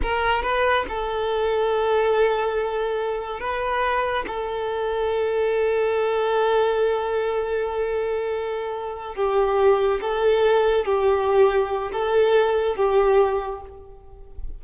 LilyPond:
\new Staff \with { instrumentName = "violin" } { \time 4/4 \tempo 4 = 141 ais'4 b'4 a'2~ | a'1 | b'2 a'2~ | a'1~ |
a'1~ | a'4. g'2 a'8~ | a'4. g'2~ g'8 | a'2 g'2 | }